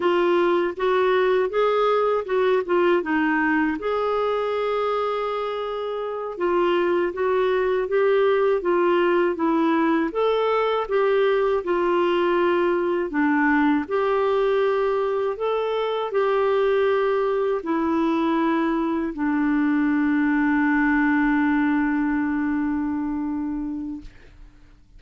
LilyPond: \new Staff \with { instrumentName = "clarinet" } { \time 4/4 \tempo 4 = 80 f'4 fis'4 gis'4 fis'8 f'8 | dis'4 gis'2.~ | gis'8 f'4 fis'4 g'4 f'8~ | f'8 e'4 a'4 g'4 f'8~ |
f'4. d'4 g'4.~ | g'8 a'4 g'2 e'8~ | e'4. d'2~ d'8~ | d'1 | }